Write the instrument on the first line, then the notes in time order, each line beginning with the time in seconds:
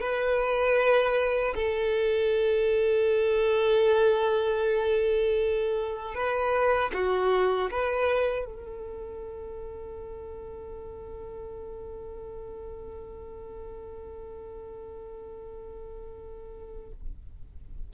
violin
0.00 B4
1.55 A4
6.14 B4
6.93 F#4
7.70 B4
8.45 A4